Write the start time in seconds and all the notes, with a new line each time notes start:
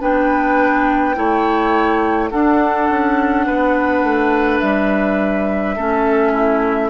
0.00 B3 D4 B4 G5
1.15 A3 E4 C#5
2.30 D4 A4 F#5
2.90 C#4
3.47 B3 B4
4.04 A3
4.60 G3 E5
5.76 A3 C#4 A4
6.32 E4